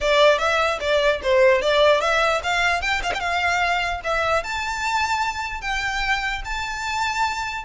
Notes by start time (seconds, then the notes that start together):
0.00 D5
0.38 E5
0.80 D5
1.22 C5
1.61 D5
2.00 E5
2.43 F5
2.81 G5
3.02 F5
3.14 F5 G5
4.04 E5
4.43 A5
5.61 G5
6.44 A5